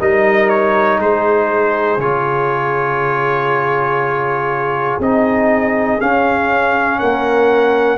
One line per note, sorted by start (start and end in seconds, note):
0.00 0.99 G3
0.00 2.00 D#4
0.00 0.99 A#4
0.00 0.49 D#5
0.49 0.99 C#5
0.99 1.98 G#3
0.99 6.99 G#4
0.99 2.00 C5
1.98 4.98 C#3
1.98 5.01 F4
1.98 5.00 C#5
4.99 5.99 C4
4.99 6.00 D#4
4.99 6.01 D#5
6.00 7.98 C#4
6.00 7.02 C#4
6.00 7.00 F5
7.00 7.98 A#3
7.00 7.98 A#4
7.00 7.98 F#5